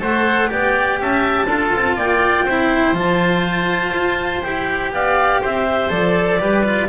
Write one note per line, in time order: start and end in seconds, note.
0.00 0.50 A3
0.00 0.48 A4
0.00 0.50 C5
0.00 0.51 F#5
0.48 1.01 B3
0.48 1.46 G4
0.48 0.99 D5
0.48 1.00 G5
1.01 1.48 C#4
1.01 1.47 E5
1.01 1.99 A5
1.47 1.72 D4
1.47 2.48 F4
1.47 1.96 A4
1.76 1.97 C4
1.97 2.45 A#3
1.97 2.46 D5
1.97 2.97 G5
2.45 2.93 C4
2.45 2.95 E4
2.45 4.92 C5
2.93 3.91 F3
2.93 4.43 F4
2.93 4.43 A5
3.94 4.43 F4
4.43 4.93 E4
4.43 5.90 G4
4.43 4.92 G5
4.93 5.42 B3
4.93 5.42 D5
4.93 5.43 F5
5.42 5.91 C4
5.42 6.40 C5
5.42 5.91 E5
5.90 6.40 F3
5.90 6.39 A4
5.90 6.89 D5
6.39 6.89 G3
6.39 6.64 G4
6.39 6.89 B4
6.64 6.89 F4